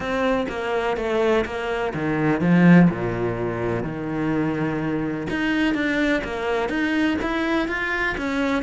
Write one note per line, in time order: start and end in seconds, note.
0.00 0.47 C4
0.48 0.96 A#3
0.96 1.44 A3
1.45 1.93 A#3
1.94 2.40 D#3
2.40 2.88 F3
2.90 3.83 A#2
3.83 5.27 D#3
5.30 5.74 D#4
5.74 6.22 D4
6.24 6.69 A#3
6.69 7.17 D#4
7.21 7.68 E4
7.68 8.16 F4
8.17 8.63 C#4